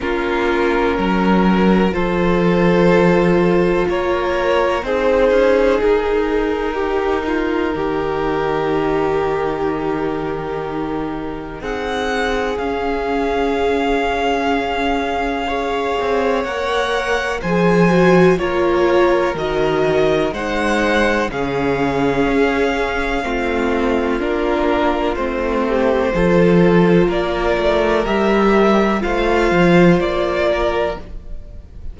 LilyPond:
<<
  \new Staff \with { instrumentName = "violin" } { \time 4/4 \tempo 4 = 62 ais'2 c''2 | cis''4 c''4 ais'2~ | ais'1 | fis''4 f''2.~ |
f''4 fis''4 gis''4 cis''4 | dis''4 fis''4 f''2~ | f''4 ais'4 c''2 | d''4 e''4 f''4 d''4 | }
  \new Staff \with { instrumentName = "violin" } { \time 4/4 f'4 ais'4 a'2 | ais'4 gis'2 g'8 f'8 | g'1 | gis'1 |
cis''2 c''4 ais'4~ | ais'4 c''4 gis'2 | f'2~ f'8 g'8 a'4 | ais'2 c''4. ais'8 | }
  \new Staff \with { instrumentName = "viola" } { \time 4/4 cis'2 f'2~ | f'4 dis'2.~ | dis'1~ | dis'4 cis'2. |
gis'4 ais'4 gis'8 fis'8 f'4 | fis'4 dis'4 cis'2 | c'4 d'4 c'4 f'4~ | f'4 g'4 f'2 | }
  \new Staff \with { instrumentName = "cello" } { \time 4/4 ais4 fis4 f2 | ais4 c'8 cis'8 dis'2 | dis1 | c'4 cis'2.~ |
cis'8 c'8 ais4 f4 ais4 | dis4 gis4 cis4 cis'4 | a4 ais4 a4 f4 | ais8 a8 g4 a8 f8 ais4 | }
>>